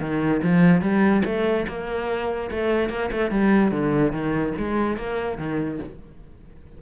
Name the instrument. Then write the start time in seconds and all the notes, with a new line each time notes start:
cello
0.00 D#3
0.42 F3
0.81 G3
1.25 A3
1.67 A#3
2.51 A3
2.89 A#3
3.11 A3
3.30 G3
3.71 D3
4.12 D#3
4.58 G#3
4.97 A#3
5.38 D#3